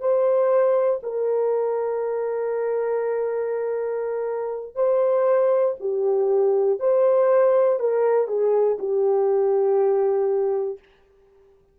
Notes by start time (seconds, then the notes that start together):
0.00 C5
1.03 A#4
4.75 C5
5.80 G4
6.80 C5
7.79 A#4
8.28 G#4
8.78 G4